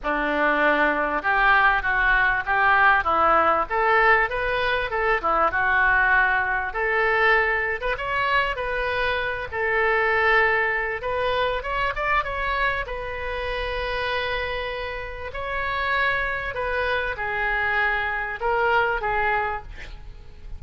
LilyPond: \new Staff \with { instrumentName = "oboe" } { \time 4/4 \tempo 4 = 98 d'2 g'4 fis'4 | g'4 e'4 a'4 b'4 | a'8 e'8 fis'2 a'4~ | a'8. b'16 cis''4 b'4. a'8~ |
a'2 b'4 cis''8 d''8 | cis''4 b'2.~ | b'4 cis''2 b'4 | gis'2 ais'4 gis'4 | }